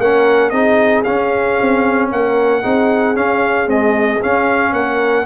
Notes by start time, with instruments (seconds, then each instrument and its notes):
0.00 tuba A#3, trombone C#4, horn A#4, trumpet F#5
0.50 tuba C4, trombone D#4, horn G#4, trumpet D#5
1.04 trombone C#4, tuba C#4, trumpet F5
1.61 tuba C4
2.12 tuba A#3, horn A#4, trumpet F#5
2.62 tuba C4, trombone D#4, horn G#4
3.16 trombone C#4, tuba C#4, trumpet F5
3.67 trombone G#3, tuba C4, trumpet D#5
4.21 trombone C#4, tuba C#4, trumpet F5
4.73 tuba A#3, horn A#4, trumpet F#5